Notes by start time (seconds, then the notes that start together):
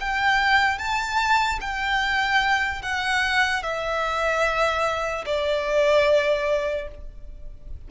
0.00 G5
0.78 A5
1.61 G5
2.82 F#5
3.63 E5
5.26 D5